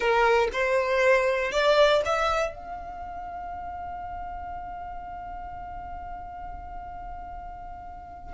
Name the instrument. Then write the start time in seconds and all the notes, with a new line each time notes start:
violin
0.00 A#4
0.52 C5
1.51 D5
2.05 E5
2.54 F5